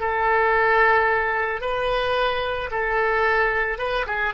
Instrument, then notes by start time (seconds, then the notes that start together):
oboe
0.00 A4
1.61 B4
2.71 A4
3.78 B4
4.07 G#4